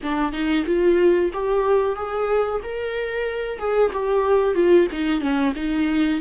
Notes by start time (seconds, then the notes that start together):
0.02 D4
0.32 D#4
0.66 F4
1.33 G4
1.95 G#4
2.63 A#4
3.58 G#4
3.92 G4
4.54 F4
4.92 D#4
5.20 C#4
5.55 D#4